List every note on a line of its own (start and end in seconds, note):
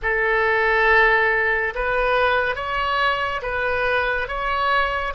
0.02 1.74 A4
1.75 2.55 B4
2.55 3.41 C#5
3.42 4.27 B4
4.28 5.14 C#5